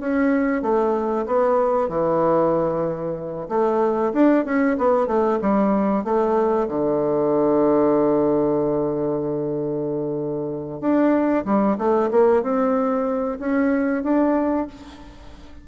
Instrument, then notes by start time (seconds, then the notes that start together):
bassoon
0.00 C#4
0.62 A3
1.26 B3
1.89 E3
3.49 A3
4.13 D4
4.45 C#4
4.78 B3
5.07 A3
5.41 G3
6.04 A3
6.68 D3
10.81 D4
11.45 G3
11.78 A3
12.11 A#3
12.43 C4
13.40 C#4
14.03 D4